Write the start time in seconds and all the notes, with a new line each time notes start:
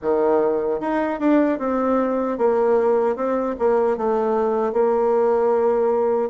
0.01 D#3
0.80 D#4
1.19 D4
1.59 C4
2.38 A#3
3.16 C4
3.58 A#3
3.97 A3
4.73 A#3